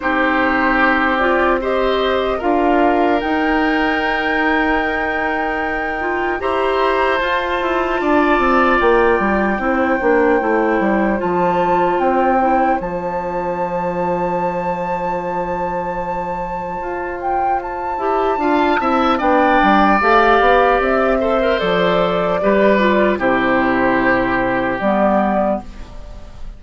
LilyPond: <<
  \new Staff \with { instrumentName = "flute" } { \time 4/4 \tempo 4 = 75 c''4. d''8 dis''4 f''4 | g''1 | ais''4 a''2 g''4~ | g''2 a''4 g''4 |
a''1~ | a''4. g''8 a''2 | g''4 f''4 e''4 d''4~ | d''4 c''2 d''4 | }
  \new Staff \with { instrumentName = "oboe" } { \time 4/4 g'2 c''4 ais'4~ | ais'1 | c''2 d''2 | c''1~ |
c''1~ | c''2. f''8 e''8 | d''2~ d''8 c''4. | b'4 g'2. | }
  \new Staff \with { instrumentName = "clarinet" } { \time 4/4 dis'4. f'8 g'4 f'4 | dis'2.~ dis'8 f'8 | g'4 f'2. | e'8 d'8 e'4 f'4. e'8 |
f'1~ | f'2~ f'8 g'8 f'8 e'8 | d'4 g'4. a'16 ais'16 a'4 | g'8 f'8 e'2 b4 | }
  \new Staff \with { instrumentName = "bassoon" } { \time 4/4 c'2. d'4 | dis'1 | e'4 f'8 e'8 d'8 c'8 ais8 g8 | c'8 ais8 a8 g8 f4 c'4 |
f1~ | f4 f'4. e'8 d'8 c'8 | b8 g8 a8 b8 c'4 f4 | g4 c2 g4 | }
>>